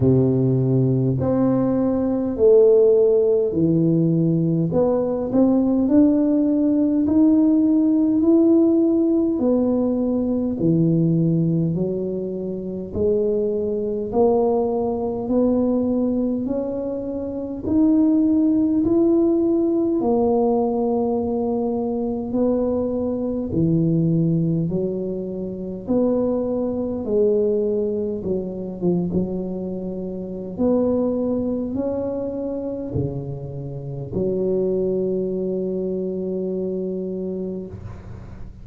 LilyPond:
\new Staff \with { instrumentName = "tuba" } { \time 4/4 \tempo 4 = 51 c4 c'4 a4 e4 | b8 c'8 d'4 dis'4 e'4 | b4 e4 fis4 gis4 | ais4 b4 cis'4 dis'4 |
e'4 ais2 b4 | e4 fis4 b4 gis4 | fis8 f16 fis4~ fis16 b4 cis'4 | cis4 fis2. | }